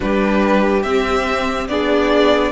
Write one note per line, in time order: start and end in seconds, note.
0.00 0.84 G3
0.00 0.84 D4
0.00 1.68 G4
0.00 0.83 B4
0.83 1.68 C4
0.83 1.70 C4
0.83 1.67 E5
1.68 2.51 B3
1.68 2.51 D4
1.68 2.51 G#4
1.68 2.51 D5